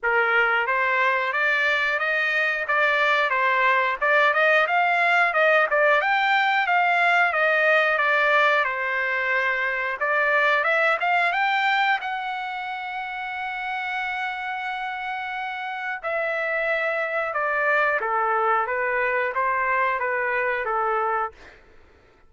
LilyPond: \new Staff \with { instrumentName = "trumpet" } { \time 4/4 \tempo 4 = 90 ais'4 c''4 d''4 dis''4 | d''4 c''4 d''8 dis''8 f''4 | dis''8 d''8 g''4 f''4 dis''4 | d''4 c''2 d''4 |
e''8 f''8 g''4 fis''2~ | fis''1 | e''2 d''4 a'4 | b'4 c''4 b'4 a'4 | }